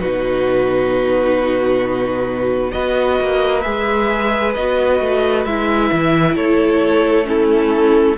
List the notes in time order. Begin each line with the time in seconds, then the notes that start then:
0.00 B2 D#4 F#4 B4
2.71 B3 F#4 B4 D#5
3.20 A#3
3.61 G#3 G#4 E5
4.54 B3 F#4 D#5
5.01 A3
5.45 G#3 E4 E5
5.92 E3
6.36 A3 A4 C#5
7.25 C#4 E4 A4